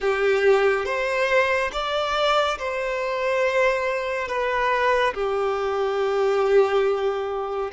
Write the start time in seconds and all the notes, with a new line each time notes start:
0.00 G4
0.85 C5
1.72 D5
2.58 C5
4.27 B4
5.14 G4